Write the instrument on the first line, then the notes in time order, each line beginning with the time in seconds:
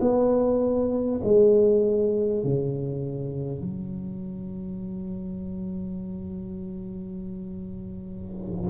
tuba
0.00 B3
1.23 G#3
2.43 C#3
3.61 F#3